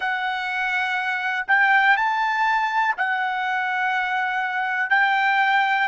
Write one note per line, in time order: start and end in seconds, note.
0.00 1.46 F#5
1.48 1.96 G5
1.96 2.95 A5
2.97 4.90 F#5
4.90 5.88 G5